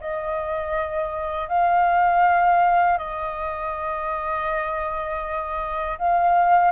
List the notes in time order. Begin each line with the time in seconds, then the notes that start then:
0.00 D#5
1.48 F5
2.98 D#5
5.98 F5